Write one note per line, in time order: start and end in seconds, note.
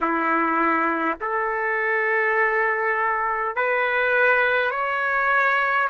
0.00 1.18 E4
1.20 3.55 A4
3.55 4.71 B4
4.71 5.88 C#5